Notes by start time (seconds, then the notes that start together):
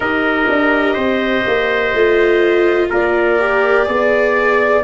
0.00 D#4 G4 A#4 D#5
0.48 D4
0.93 C4 C5
1.46 A#3
1.93 A3 F4
2.89 A#3 A#4 D5
3.39 G4
3.86 B3 G#4 D5